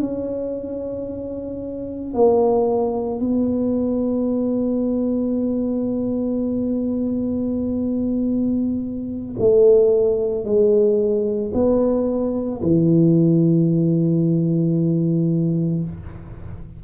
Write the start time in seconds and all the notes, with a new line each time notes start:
0.00 C#4
2.14 A#3
3.19 B3
9.39 A3
10.44 G#3
11.53 B3
12.62 E3